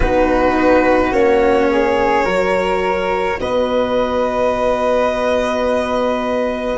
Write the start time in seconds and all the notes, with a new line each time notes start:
0.00 B3 D#4 F#4 B4
1.11 A#3 C#4 C#5
1.70 G#4
2.24 F#3 F#4 A#4
3.39 B3 B4 D#5